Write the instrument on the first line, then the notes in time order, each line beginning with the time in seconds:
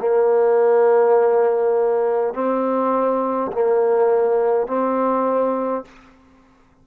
trombone
0.00 A#3
2.34 C4
3.53 A#3
4.67 C4